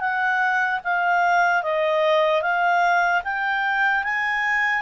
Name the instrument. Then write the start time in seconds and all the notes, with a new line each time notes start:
clarinet
0.00 F#5
0.84 F5
1.63 D#5
2.42 F5
3.24 G5
4.04 G#5